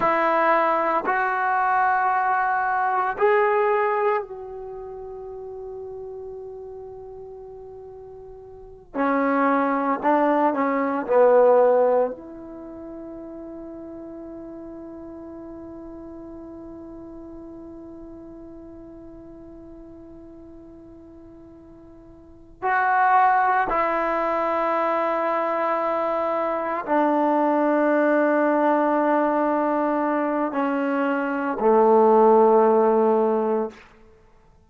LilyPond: \new Staff \with { instrumentName = "trombone" } { \time 4/4 \tempo 4 = 57 e'4 fis'2 gis'4 | fis'1~ | fis'8 cis'4 d'8 cis'8 b4 e'8~ | e'1~ |
e'1~ | e'4. fis'4 e'4.~ | e'4. d'2~ d'8~ | d'4 cis'4 a2 | }